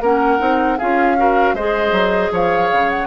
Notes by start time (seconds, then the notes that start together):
0.00 A#3 C#4 A#4 F#5
0.39 C4 D#4
0.78 C#4 F4 G#4 F5
1.17 F#4 A#4
1.53 G#3 G#4 C5 D#5
1.91 F#3
2.31 F3 C#5 F5
2.72 C#3
2.89 F#5